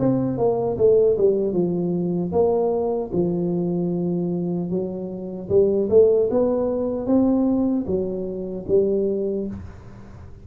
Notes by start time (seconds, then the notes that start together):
0.00 C4
0.38 A#3
0.78 A3
1.18 G3
1.53 F3
2.33 A#3
3.13 F3
4.70 F#3
5.50 G3
5.90 A3
6.31 B3
7.07 C4
7.87 F#3
8.68 G3